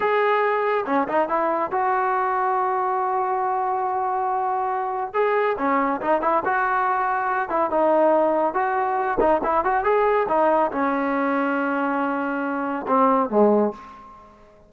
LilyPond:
\new Staff \with { instrumentName = "trombone" } { \time 4/4 \tempo 4 = 140 gis'2 cis'8 dis'8 e'4 | fis'1~ | fis'1 | gis'4 cis'4 dis'8 e'8 fis'4~ |
fis'4. e'8 dis'2 | fis'4. dis'8 e'8 fis'8 gis'4 | dis'4 cis'2.~ | cis'2 c'4 gis4 | }